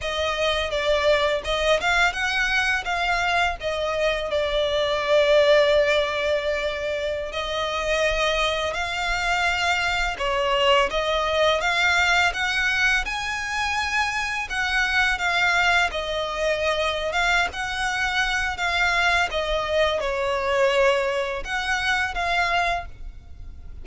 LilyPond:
\new Staff \with { instrumentName = "violin" } { \time 4/4 \tempo 4 = 84 dis''4 d''4 dis''8 f''8 fis''4 | f''4 dis''4 d''2~ | d''2~ d''16 dis''4.~ dis''16~ | dis''16 f''2 cis''4 dis''8.~ |
dis''16 f''4 fis''4 gis''4.~ gis''16~ | gis''16 fis''4 f''4 dis''4.~ dis''16 | f''8 fis''4. f''4 dis''4 | cis''2 fis''4 f''4 | }